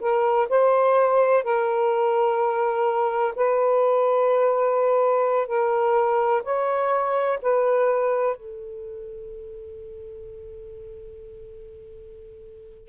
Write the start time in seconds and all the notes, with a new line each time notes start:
0.00 A#4
0.49 C5
1.44 A#4
3.35 B4
5.47 A#4
6.43 C#5
7.42 B4
8.36 A4